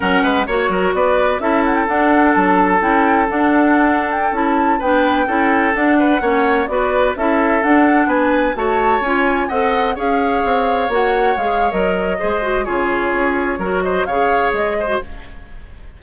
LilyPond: <<
  \new Staff \with { instrumentName = "flute" } { \time 4/4 \tempo 4 = 128 fis''4 cis''4 d''4 e''8 fis''16 g''16 | fis''4 a''4 g''4 fis''4~ | fis''8. g''8 a''4 g''4.~ g''16~ | g''16 fis''2 d''4 e''8.~ |
e''16 fis''4 gis''4 a''4 gis''8.~ | gis''16 fis''4 f''2 fis''8.~ | fis''16 f''8. dis''2 cis''4~ | cis''4. dis''8 f''4 dis''4 | }
  \new Staff \with { instrumentName = "oboe" } { \time 4/4 ais'8 b'8 cis''8 ais'8 b'4 a'4~ | a'1~ | a'2~ a'16 b'4 a'8.~ | a'8. b'8 cis''4 b'4 a'8.~ |
a'4~ a'16 b'4 cis''4.~ cis''16~ | cis''16 dis''4 cis''2~ cis''8.~ | cis''2 c''4 gis'4~ | gis'4 ais'8 c''8 cis''4. c''8 | }
  \new Staff \with { instrumentName = "clarinet" } { \time 4/4 cis'4 fis'2 e'4 | d'2 e'4 d'4~ | d'4~ d'16 e'4 d'4 e'8.~ | e'16 d'4 cis'4 fis'4 e'8.~ |
e'16 d'2 fis'4 f'8.~ | f'16 a'4 gis'2 fis'8.~ | fis'16 gis'8. ais'4 gis'8 fis'8 f'4~ | f'4 fis'4 gis'4.~ gis'16 fis'16 | }
  \new Staff \with { instrumentName = "bassoon" } { \time 4/4 fis8 gis8 ais8 fis8 b4 cis'4 | d'4 fis4 cis'4 d'4~ | d'4~ d'16 cis'4 b4 cis'8.~ | cis'16 d'4 ais4 b4 cis'8.~ |
cis'16 d'4 b4 a4 cis'8.~ | cis'16 c'4 cis'4 c'4 ais8.~ | ais16 gis8. fis4 gis4 cis4 | cis'4 fis4 cis4 gis4 | }
>>